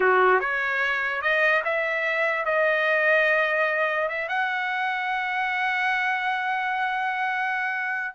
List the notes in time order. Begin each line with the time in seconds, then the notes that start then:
0.00 F#4
0.40 C#5
1.21 D#5
1.64 E5
2.45 D#5
4.08 E5
4.28 F#5